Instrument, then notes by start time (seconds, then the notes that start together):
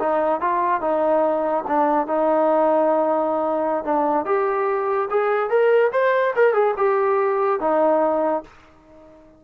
trombone
0.00 D#4
0.41 F4
0.81 D#4
1.68 D4
2.08 D#4
3.85 D4
4.26 G4
5.11 G#4
5.50 A#4
5.93 C5
6.36 A#4
6.54 G#4
6.77 G4
7.61 D#4